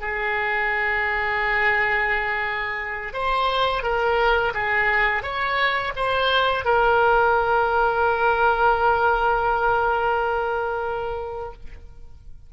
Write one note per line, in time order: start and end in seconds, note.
0.00 3.13 G#4
3.13 3.83 C5
3.83 4.53 A#4
4.54 5.23 G#4
5.23 5.93 C#5
5.96 6.65 C5
6.65 11.53 A#4